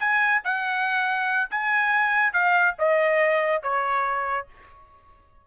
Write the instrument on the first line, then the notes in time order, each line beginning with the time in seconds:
trumpet
0.00 G#5
0.45 F#5
1.51 G#5
2.33 F5
2.79 D#5
3.63 C#5